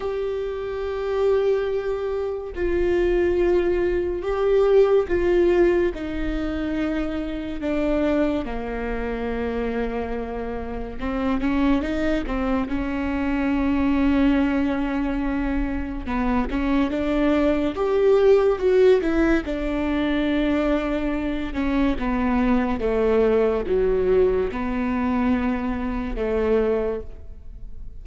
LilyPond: \new Staff \with { instrumentName = "viola" } { \time 4/4 \tempo 4 = 71 g'2. f'4~ | f'4 g'4 f'4 dis'4~ | dis'4 d'4 ais2~ | ais4 c'8 cis'8 dis'8 c'8 cis'4~ |
cis'2. b8 cis'8 | d'4 g'4 fis'8 e'8 d'4~ | d'4. cis'8 b4 a4 | fis4 b2 a4 | }